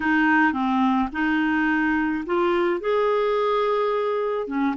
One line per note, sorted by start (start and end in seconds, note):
0.00 0.53 D#4
0.53 1.09 C4
1.12 2.24 D#4
2.26 2.80 F4
2.80 4.47 G#4
4.47 4.75 C#4